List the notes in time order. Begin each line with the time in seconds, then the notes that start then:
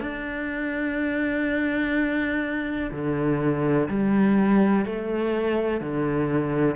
0.00 D4
2.91 D3
3.88 G3
4.85 A3
5.80 D3